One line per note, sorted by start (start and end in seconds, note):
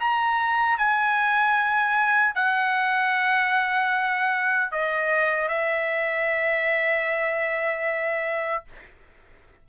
0.00 0.78 A#5
0.78 2.35 G#5
2.35 4.72 F#5
4.72 5.48 D#5
5.48 8.64 E5